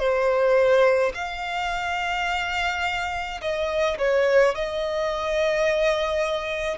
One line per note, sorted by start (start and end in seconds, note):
0.00 1.13 C5
1.15 3.41 F5
3.42 3.98 D#5
3.99 4.55 C#5
4.55 6.78 D#5